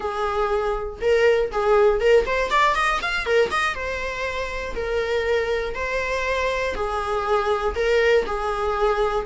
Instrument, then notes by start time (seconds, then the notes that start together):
viola
0.00 G#4
1.01 A#4
1.51 G#4
2.00 A#4
2.25 C5
2.50 D5
2.75 D#5
3.01 F5
3.25 A#4
3.50 D#5
3.75 C5
4.75 A#4
5.75 C5
6.74 G#4
7.75 A#4
8.26 G#4